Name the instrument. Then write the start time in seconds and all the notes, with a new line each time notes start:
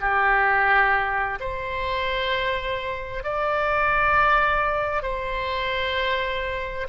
oboe
0.00 G4
1.40 C5
3.23 D5
5.02 C5